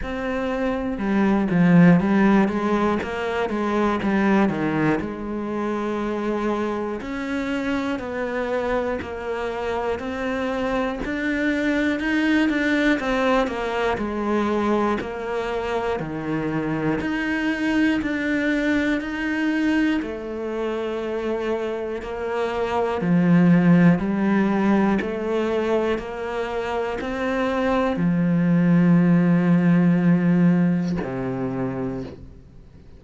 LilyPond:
\new Staff \with { instrumentName = "cello" } { \time 4/4 \tempo 4 = 60 c'4 g8 f8 g8 gis8 ais8 gis8 | g8 dis8 gis2 cis'4 | b4 ais4 c'4 d'4 | dis'8 d'8 c'8 ais8 gis4 ais4 |
dis4 dis'4 d'4 dis'4 | a2 ais4 f4 | g4 a4 ais4 c'4 | f2. c4 | }